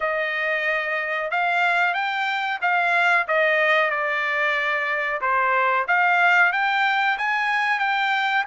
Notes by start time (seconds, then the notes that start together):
0.00 D#5
1.30 F5
1.94 G5
2.61 F5
3.27 D#5
3.90 D5
5.21 C5
5.87 F5
6.52 G5
7.18 G#5
7.79 G5